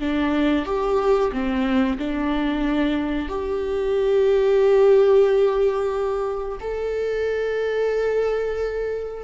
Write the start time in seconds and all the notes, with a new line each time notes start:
0.00 D4
0.66 G4
1.32 C4
1.99 D4
3.29 G4
6.61 A4